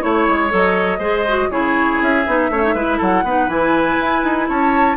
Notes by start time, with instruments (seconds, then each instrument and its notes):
0.00 bassoon A3, clarinet E4, flute C#5, oboe C#5
0.27 bassoon G#3
0.49 bassoon F#3, clarinet A4, flute D#5
0.98 bassoon G#3, clarinet G#4, oboe C5
1.28 clarinet F#4
1.49 bassoon C#3, clarinet E4, oboe G#4, flute C#5
2.00 bassoon C#4, flute E5
2.26 bassoon B3, clarinet D#4
2.49 bassoon A3, clarinet C#4, oboe C#5
2.62 clarinet D#4
2.74 bassoon G#3, clarinet E4, oboe B4
2.97 bassoon F#3, oboe A4, flute F#5
3.23 bassoon B3, clarinet D#4, oboe B4
3.47 bassoon E3, clarinet E4, flute G#5
4.00 bassoon E4
4.23 bassoon D#4
4.48 bassoon C#4, oboe C#5, flute A5